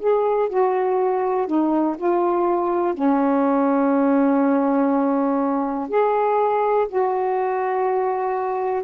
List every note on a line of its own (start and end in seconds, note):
0.00 0.49 G#4
0.49 1.47 F#4
1.47 1.96 D#4
1.98 2.94 F4
2.94 5.89 C#4
5.89 6.87 G#4
6.89 8.84 F#4